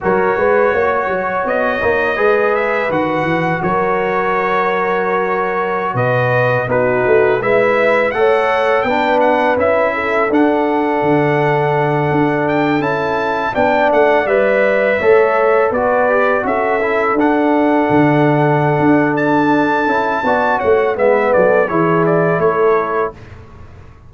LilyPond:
<<
  \new Staff \with { instrumentName = "trumpet" } { \time 4/4 \tempo 4 = 83 cis''2 dis''4. e''8 | fis''4 cis''2.~ | cis''16 dis''4 b'4 e''4 fis''8.~ | fis''16 g''8 fis''8 e''4 fis''4.~ fis''16~ |
fis''4~ fis''16 g''8 a''4 g''8 fis''8 e''16~ | e''4.~ e''16 d''4 e''4 fis''16~ | fis''2~ fis''8 a''4.~ | a''8 fis''8 e''8 d''8 cis''8 d''8 cis''4 | }
  \new Staff \with { instrumentName = "horn" } { \time 4/4 ais'8 b'8 cis''2 b'4~ | b'4 ais'2.~ | ais'16 b'4 fis'4 b'4 cis''8.~ | cis''16 b'4. a'2~ a'16~ |
a'2~ a'8. d''4~ d''16~ | d''8. cis''4 b'4 a'4~ a'16~ | a'1 | d''8 cis''8 b'8 a'8 gis'4 a'4 | }
  \new Staff \with { instrumentName = "trombone" } { \time 4/4 fis'2~ fis'8 dis'8 gis'4 | fis'1~ | fis'4~ fis'16 dis'4 e'4 a'8.~ | a'16 d'4 e'4 d'4.~ d'16~ |
d'4.~ d'16 e'4 d'4 b'16~ | b'8. a'4 fis'8 g'8 fis'8 e'8 d'16~ | d'2.~ d'8 e'8 | fis'4 b4 e'2 | }
  \new Staff \with { instrumentName = "tuba" } { \time 4/4 fis8 gis8 ais8 fis8 b8 ais8 gis4 | dis8 e8 fis2.~ | fis16 b,4 b8 a8 gis4 a8.~ | a16 b4 cis'4 d'4 d8.~ |
d8. d'4 cis'4 b8 a8 g16~ | g8. a4 b4 cis'4 d'16~ | d'8. d4~ d16 d'4. cis'8 | b8 a8 gis8 fis8 e4 a4 | }
>>